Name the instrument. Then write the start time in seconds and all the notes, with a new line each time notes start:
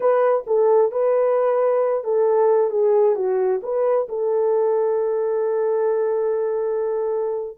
horn
0.00 B4
0.47 A4
0.91 B4
2.04 A4
2.70 G#4
3.15 F#4
3.62 B4
4.08 A4